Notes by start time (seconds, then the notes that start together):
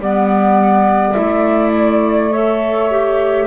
0.00 G3 B3 D5 F#5
1.13 A3 E4 E5
1.77 D5
2.30 A4 C#5 E5
2.91 G4